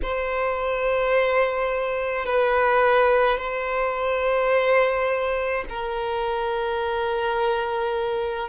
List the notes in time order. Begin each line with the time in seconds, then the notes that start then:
0.02 C5
2.25 B4
3.38 C5
5.69 A#4